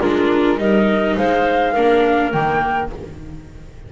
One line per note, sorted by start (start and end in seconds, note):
0.00 0.57 G#3
0.00 0.58 D4
0.00 0.58 F4
0.00 0.58 A#4
0.57 1.16 G3
0.57 1.74 D#4
0.57 1.16 A#4
0.57 1.16 D#5
1.16 1.76 G#3
1.16 1.73 C5
1.16 2.32 F5
1.73 2.34 A#3
1.73 2.32 D4
1.73 2.90 A#4
2.32 2.92 D#3
2.32 2.91 A#3
2.32 2.90 G5